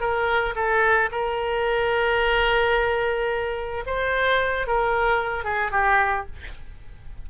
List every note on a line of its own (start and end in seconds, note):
0.00 0.55 A#4
0.55 1.10 A4
1.12 3.84 A#4
3.86 4.67 C5
4.67 5.44 A#4
5.44 5.71 G#4
5.71 6.26 G4